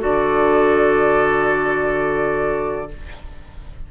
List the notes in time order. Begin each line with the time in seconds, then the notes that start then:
0.00 D3 F#4 A4 D5